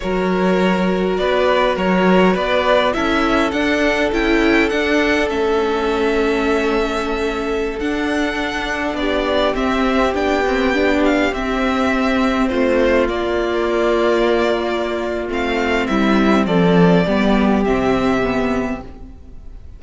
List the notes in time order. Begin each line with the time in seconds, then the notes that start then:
0.00 F#3 F#4 A#4 C#5
1.17 B3 B4 D5
1.76 F#3 A#4 C#5
2.33 B3 B4 D5
2.92 C#4 E4 A4 E5
3.51 D4 F#5
4.12 C#4 E4 G5
4.69 D4 F#5
5.29 A3 C#4 E5
7.79 D4 F#5
8.93 B3 G4 D5
9.54 C4 E5
10.14 B3 D4 G5
10.46 C4
10.73 D4
11.04 F5
11.32 C4 E5
12.48 A3 F4 C5
13.08 A#3 D5
15.28 A3 C4 F5
15.86 G3 E4 E5
16.46 F3 A4 D5
17.05 G3 B3 G4
17.64 C3 C4 E5
18.22 B3